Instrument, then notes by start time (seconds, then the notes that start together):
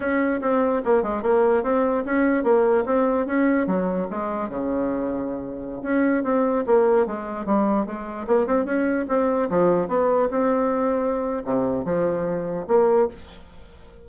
bassoon
0.00 C#4
0.41 C4
0.84 A#3
1.02 G#3
1.22 A#3
1.63 C4
2.05 C#4
2.43 A#3
2.85 C4
3.26 C#4
3.66 F#3
4.10 G#3
4.49 C#3
5.82 C#4
6.23 C4
6.66 A#3
7.06 G#3
7.45 G3
7.86 G#3
8.27 A#3
8.47 C4
8.65 C#4
9.08 C4
9.49 F3
9.88 B3
10.30 C4
11.44 C3
11.84 F3
12.67 A#3